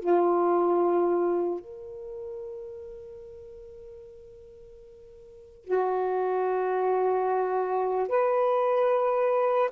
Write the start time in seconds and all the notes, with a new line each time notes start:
0.00 F4
1.60 A#4
5.65 F#4
8.08 B4